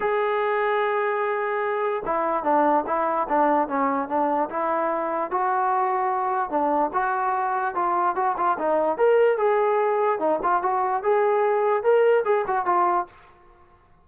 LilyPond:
\new Staff \with { instrumentName = "trombone" } { \time 4/4 \tempo 4 = 147 gis'1~ | gis'4 e'4 d'4 e'4 | d'4 cis'4 d'4 e'4~ | e'4 fis'2. |
d'4 fis'2 f'4 | fis'8 f'8 dis'4 ais'4 gis'4~ | gis'4 dis'8 f'8 fis'4 gis'4~ | gis'4 ais'4 gis'8 fis'8 f'4 | }